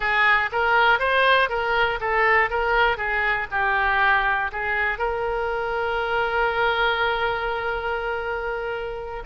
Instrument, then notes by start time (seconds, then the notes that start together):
oboe
0.00 G#4
0.52 A#4
0.99 C5
1.49 A#4
2.00 A4
2.50 A#4
2.97 G#4
3.51 G4
4.52 G#4
4.98 A#4